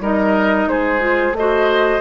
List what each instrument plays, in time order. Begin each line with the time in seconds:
0.00 bassoon G3, clarinet D#4, oboe A#4, flute D#5
0.67 bassoon G#3, oboe G#4, flute C5
0.99 clarinet F4
1.32 bassoon A3, flute D#5
1.39 clarinet F#4, oboe C5